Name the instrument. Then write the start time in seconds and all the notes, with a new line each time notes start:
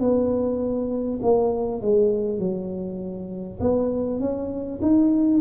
tuba
0.00 B3
1.23 A#3
1.82 G#3
2.39 F#3
3.61 B3
4.20 C#4
4.82 D#4